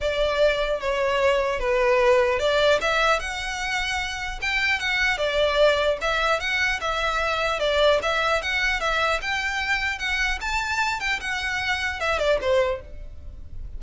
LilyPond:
\new Staff \with { instrumentName = "violin" } { \time 4/4 \tempo 4 = 150 d''2 cis''2 | b'2 d''4 e''4 | fis''2. g''4 | fis''4 d''2 e''4 |
fis''4 e''2 d''4 | e''4 fis''4 e''4 g''4~ | g''4 fis''4 a''4. g''8 | fis''2 e''8 d''8 c''4 | }